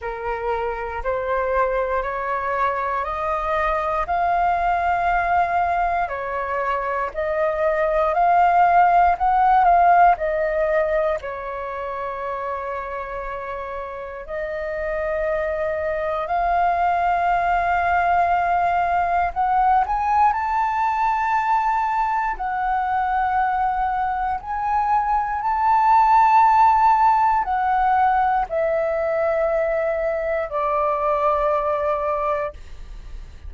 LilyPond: \new Staff \with { instrumentName = "flute" } { \time 4/4 \tempo 4 = 59 ais'4 c''4 cis''4 dis''4 | f''2 cis''4 dis''4 | f''4 fis''8 f''8 dis''4 cis''4~ | cis''2 dis''2 |
f''2. fis''8 gis''8 | a''2 fis''2 | gis''4 a''2 fis''4 | e''2 d''2 | }